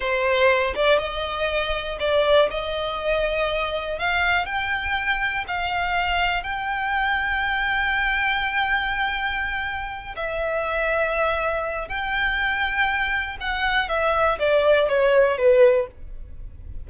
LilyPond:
\new Staff \with { instrumentName = "violin" } { \time 4/4 \tempo 4 = 121 c''4. d''8 dis''2 | d''4 dis''2. | f''4 g''2 f''4~ | f''4 g''2.~ |
g''1~ | g''8 e''2.~ e''8 | g''2. fis''4 | e''4 d''4 cis''4 b'4 | }